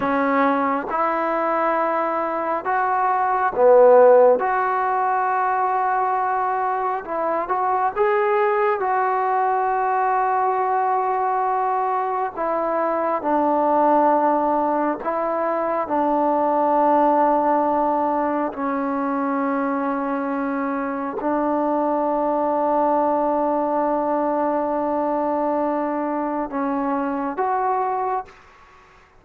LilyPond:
\new Staff \with { instrumentName = "trombone" } { \time 4/4 \tempo 4 = 68 cis'4 e'2 fis'4 | b4 fis'2. | e'8 fis'8 gis'4 fis'2~ | fis'2 e'4 d'4~ |
d'4 e'4 d'2~ | d'4 cis'2. | d'1~ | d'2 cis'4 fis'4 | }